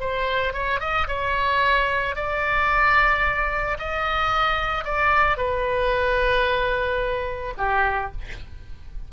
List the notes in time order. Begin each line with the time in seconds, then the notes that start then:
0.00 C5
0.53 C#5
0.80 D#5
1.08 C#5
2.16 D5
3.79 D#5
4.85 D5
5.37 B4
7.58 G4